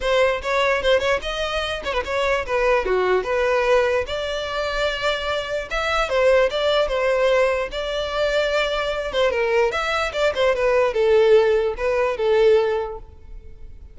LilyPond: \new Staff \with { instrumentName = "violin" } { \time 4/4 \tempo 4 = 148 c''4 cis''4 c''8 cis''8 dis''4~ | dis''8 cis''16 b'16 cis''4 b'4 fis'4 | b'2 d''2~ | d''2 e''4 c''4 |
d''4 c''2 d''4~ | d''2~ d''8 c''8 ais'4 | e''4 d''8 c''8 b'4 a'4~ | a'4 b'4 a'2 | }